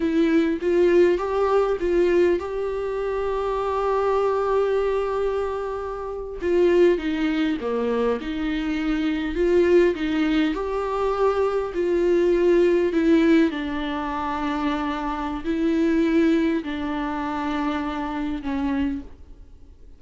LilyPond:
\new Staff \with { instrumentName = "viola" } { \time 4/4 \tempo 4 = 101 e'4 f'4 g'4 f'4 | g'1~ | g'2~ g'8. f'4 dis'16~ | dis'8. ais4 dis'2 f'16~ |
f'8. dis'4 g'2 f'16~ | f'4.~ f'16 e'4 d'4~ d'16~ | d'2 e'2 | d'2. cis'4 | }